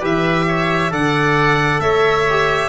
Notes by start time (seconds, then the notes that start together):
0.00 E3 G4 B4 E5
0.48 C#5
0.90 D3 A4 D5 F#5
1.79 A3 C#5 E5
2.30 G4